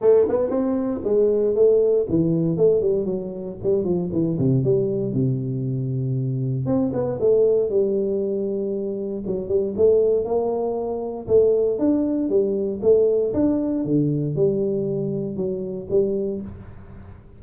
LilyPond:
\new Staff \with { instrumentName = "tuba" } { \time 4/4 \tempo 4 = 117 a8 b8 c'4 gis4 a4 | e4 a8 g8 fis4 g8 f8 | e8 c8 g4 c2~ | c4 c'8 b8 a4 g4~ |
g2 fis8 g8 a4 | ais2 a4 d'4 | g4 a4 d'4 d4 | g2 fis4 g4 | }